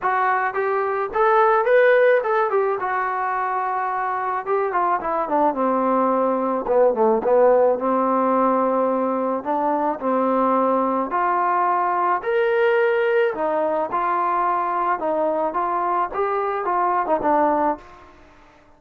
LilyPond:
\new Staff \with { instrumentName = "trombone" } { \time 4/4 \tempo 4 = 108 fis'4 g'4 a'4 b'4 | a'8 g'8 fis'2. | g'8 f'8 e'8 d'8 c'2 | b8 a8 b4 c'2~ |
c'4 d'4 c'2 | f'2 ais'2 | dis'4 f'2 dis'4 | f'4 g'4 f'8. dis'16 d'4 | }